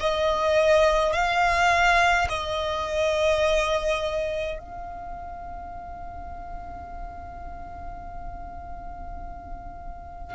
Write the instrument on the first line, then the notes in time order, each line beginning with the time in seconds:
violin
0.00 D#5
1.13 F5
2.29 D#5
4.58 F5